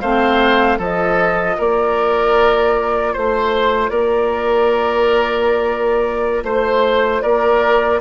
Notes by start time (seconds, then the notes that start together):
0.00 A3 C4 C5 F5
0.78 F3 F4 A4 D#5
1.57 A#3 A#4 D5
3.13 A3 C5
3.89 A#3 A#4 D5
6.43 A3 C5
7.21 A#3 A#4 D5